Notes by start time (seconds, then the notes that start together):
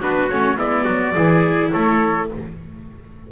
0.00 B3 D4 F#4 B4
0.29 A3 C#4 C#5
0.56 G#3 B3 E4 D5
0.84 F#3 F#4
1.15 E3 E4 G#4
1.71 A3 A4 C#5